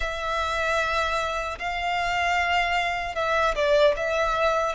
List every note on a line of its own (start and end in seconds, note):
0.00 1.58 E5
1.58 3.15 F5
3.15 3.55 E5
3.55 3.94 D5
3.96 4.75 E5